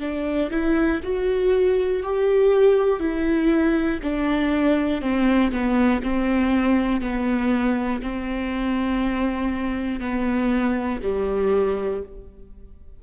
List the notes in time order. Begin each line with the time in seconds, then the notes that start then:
0.00 D4
0.51 E4
1.03 F#4
2.03 G4
3.00 E4
4.02 D4
5.01 C4
5.52 B3
6.03 C4
7.01 B3
8.02 C4
10.00 B3
11.02 G3